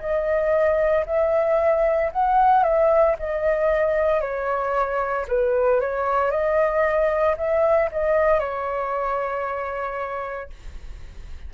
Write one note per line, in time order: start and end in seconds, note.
0.00 1.05 D#5
1.06 2.11 E5
2.12 2.64 F#5
2.64 3.16 E5
3.19 4.21 D#5
4.21 5.26 C#5
5.28 5.81 B4
5.81 6.31 C#5
6.31 7.36 D#5
7.37 7.90 E5
7.92 8.40 D#5
8.40 10.50 C#5